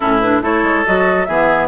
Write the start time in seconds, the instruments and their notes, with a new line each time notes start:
0.00 bassoon A2, clarinet C#4, oboe E4, flute A4
0.20 clarinet D4, flute B4
0.41 bassoon A3, clarinet E4, oboe A4, flute C#5
0.62 bassoon G#3
0.85 bassoon F#3, clarinet F#4, flute D#5
1.25 bassoon E3, clarinet B3, oboe G#4, flute E5